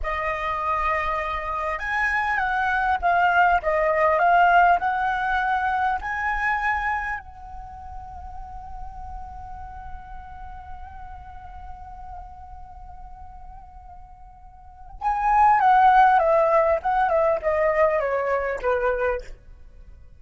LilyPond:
\new Staff \with { instrumentName = "flute" } { \time 4/4 \tempo 4 = 100 dis''2. gis''4 | fis''4 f''4 dis''4 f''4 | fis''2 gis''2 | fis''1~ |
fis''1~ | fis''1~ | fis''4 gis''4 fis''4 e''4 | fis''8 e''8 dis''4 cis''4 b'4 | }